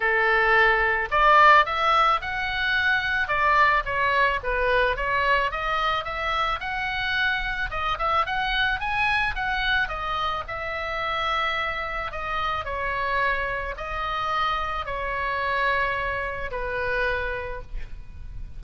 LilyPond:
\new Staff \with { instrumentName = "oboe" } { \time 4/4 \tempo 4 = 109 a'2 d''4 e''4 | fis''2 d''4 cis''4 | b'4 cis''4 dis''4 e''4 | fis''2 dis''8 e''8 fis''4 |
gis''4 fis''4 dis''4 e''4~ | e''2 dis''4 cis''4~ | cis''4 dis''2 cis''4~ | cis''2 b'2 | }